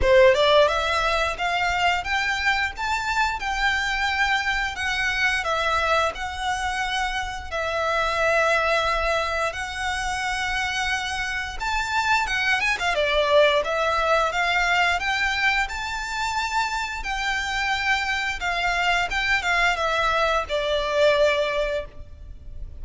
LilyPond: \new Staff \with { instrumentName = "violin" } { \time 4/4 \tempo 4 = 88 c''8 d''8 e''4 f''4 g''4 | a''4 g''2 fis''4 | e''4 fis''2 e''4~ | e''2 fis''2~ |
fis''4 a''4 fis''8 gis''16 f''16 d''4 | e''4 f''4 g''4 a''4~ | a''4 g''2 f''4 | g''8 f''8 e''4 d''2 | }